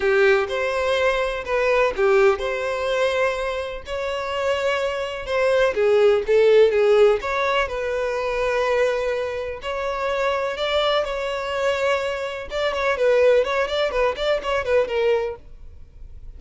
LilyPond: \new Staff \with { instrumentName = "violin" } { \time 4/4 \tempo 4 = 125 g'4 c''2 b'4 | g'4 c''2. | cis''2. c''4 | gis'4 a'4 gis'4 cis''4 |
b'1 | cis''2 d''4 cis''4~ | cis''2 d''8 cis''8 b'4 | cis''8 d''8 b'8 d''8 cis''8 b'8 ais'4 | }